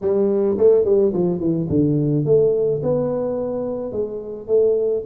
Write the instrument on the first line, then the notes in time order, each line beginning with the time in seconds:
tuba
0.01 G3
0.57 A3
0.84 G3
1.13 F3
1.39 E3
1.69 D3
2.25 A3
2.82 B3
3.92 G#3
4.47 A3